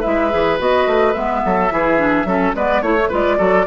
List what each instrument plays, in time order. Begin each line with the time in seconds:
0.00 bassoon G#3, clarinet E4, oboe B4, flute E5
0.30 bassoon E3, clarinet G#4
0.58 bassoon B3, clarinet F#4, flute D#5
0.86 bassoon A3
1.13 bassoon G#3, clarinet B3, flute E5
1.45 bassoon F#3, oboe A4
1.70 bassoon E3, clarinet E4, oboe G#4
1.97 clarinet D4
2.24 bassoon F#3, clarinet C#4, oboe A4
2.54 bassoon G#3, clarinet B3, oboe B4, flute D5
2.82 bassoon A3, clarinet E4, oboe C#5, flute C#5
2.97 clarinet A3
3.08 bassoon G#3, clarinet F4, oboe B4, flute D5
3.37 bassoon F#3, clarinet F#4, oboe A4